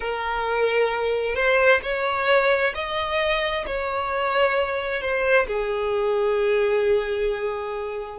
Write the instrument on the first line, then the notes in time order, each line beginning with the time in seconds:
violin
0.00 A#4
1.35 C5
1.82 C#5
2.74 D#5
3.66 C#5
5.01 C5
5.47 G#4